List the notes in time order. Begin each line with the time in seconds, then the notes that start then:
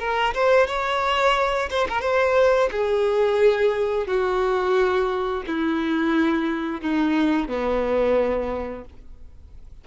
0.00 A#4
0.35 C5
0.68 C#5
1.71 C5
1.90 A#4
2.02 C5
2.72 G#4
4.07 F#4
5.47 E4
6.82 D#4
7.49 B3